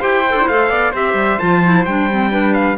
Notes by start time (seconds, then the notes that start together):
0.00 E4 G4 C5 G5
0.30 D4 A4
0.41 E4
0.48 A3 A4 F5
0.69 B3 D5
0.91 C4 G4 C5 E5
1.14 G3
1.39 F3 F4 A5
1.64 E4
1.86 G3 D4 G5
2.11 C4
2.31 D4 B4
2.54 F5